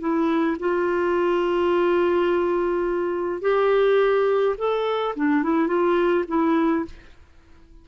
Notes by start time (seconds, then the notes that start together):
0.00 E4
0.59 F4
3.42 G4
4.58 A4
5.16 D4
5.43 E4
5.68 F4
6.28 E4